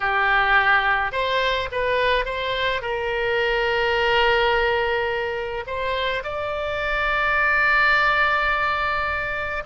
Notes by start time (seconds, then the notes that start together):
0.00 G4
1.12 C5
1.71 B4
2.25 C5
2.81 A#4
5.66 C5
6.23 D5